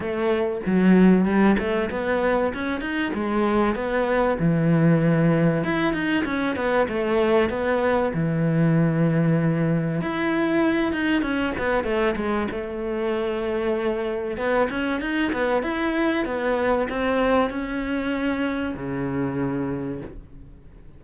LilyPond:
\new Staff \with { instrumentName = "cello" } { \time 4/4 \tempo 4 = 96 a4 fis4 g8 a8 b4 | cis'8 dis'8 gis4 b4 e4~ | e4 e'8 dis'8 cis'8 b8 a4 | b4 e2. |
e'4. dis'8 cis'8 b8 a8 gis8 | a2. b8 cis'8 | dis'8 b8 e'4 b4 c'4 | cis'2 cis2 | }